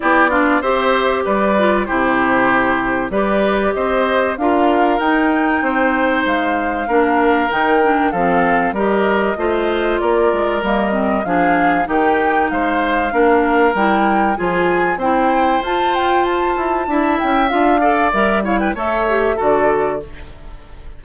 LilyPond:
<<
  \new Staff \with { instrumentName = "flute" } { \time 4/4 \tempo 4 = 96 d''4 e''4 d''4 c''4~ | c''4 d''4 dis''4 f''4 | g''2 f''2 | g''4 f''4 dis''2 |
d''4 dis''4 f''4 g''4 | f''2 g''4 gis''4 | g''4 a''8 g''8 a''4. g''8 | f''4 e''8 f''16 g''16 e''4 d''4 | }
  \new Staff \with { instrumentName = "oboe" } { \time 4/4 g'8 f'8 c''4 b'4 g'4~ | g'4 b'4 c''4 ais'4~ | ais'4 c''2 ais'4~ | ais'4 a'4 ais'4 c''4 |
ais'2 gis'4 g'4 | c''4 ais'2 gis'4 | c''2. e''4~ | e''8 d''4 cis''16 b'16 cis''4 a'4 | }
  \new Staff \with { instrumentName = "clarinet" } { \time 4/4 e'8 d'8 g'4. f'8 e'4~ | e'4 g'2 f'4 | dis'2. d'4 | dis'8 d'8 c'4 g'4 f'4~ |
f'4 ais8 c'8 d'4 dis'4~ | dis'4 d'4 e'4 f'4 | e'4 f'2 e'4 | f'8 a'8 ais'8 e'8 a'8 g'8 fis'4 | }
  \new Staff \with { instrumentName = "bassoon" } { \time 4/4 b4 c'4 g4 c4~ | c4 g4 c'4 d'4 | dis'4 c'4 gis4 ais4 | dis4 f4 g4 a4 |
ais8 gis8 g4 f4 dis4 | gis4 ais4 g4 f4 | c'4 f'4. e'8 d'8 cis'8 | d'4 g4 a4 d4 | }
>>